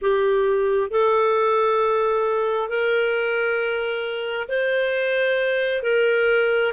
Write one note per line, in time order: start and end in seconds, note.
0.01 0.90 G4
0.90 2.69 A4
2.69 4.48 A#4
4.48 5.82 C5
5.82 6.72 A#4